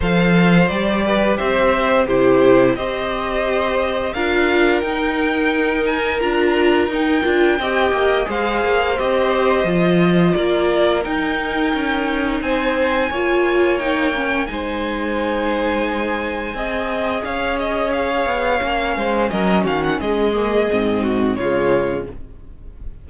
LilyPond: <<
  \new Staff \with { instrumentName = "violin" } { \time 4/4 \tempo 4 = 87 f''4 d''4 e''4 c''4 | dis''2 f''4 g''4~ | g''8 gis''8 ais''4 g''2 | f''4 dis''2 d''4 |
g''2 gis''2 | g''4 gis''2.~ | gis''4 f''8 dis''8 f''2 | dis''8 f''16 fis''16 dis''2 cis''4 | }
  \new Staff \with { instrumentName = "violin" } { \time 4/4 c''4. b'8 c''4 g'4 | c''2 ais'2~ | ais'2. dis''4 | c''2. ais'4~ |
ais'2 c''4 cis''4~ | cis''4 c''2. | dis''4 cis''2~ cis''8 c''8 | ais'8 fis'8 gis'4. fis'8 f'4 | }
  \new Staff \with { instrumentName = "viola" } { \time 4/4 a'4 g'2 e'4 | g'2 f'4 dis'4~ | dis'4 f'4 dis'8 f'8 g'4 | gis'4 g'4 f'2 |
dis'2. f'4 | dis'8 cis'8 dis'2. | gis'2. cis'4~ | cis'4. ais8 c'4 gis4 | }
  \new Staff \with { instrumentName = "cello" } { \time 4/4 f4 g4 c'4 c4 | c'2 d'4 dis'4~ | dis'4 d'4 dis'8 d'8 c'8 ais8 | gis8 ais8 c'4 f4 ais4 |
dis'4 cis'4 c'4 ais4~ | ais4 gis2. | c'4 cis'4. b8 ais8 gis8 | fis8 dis8 gis4 gis,4 cis4 | }
>>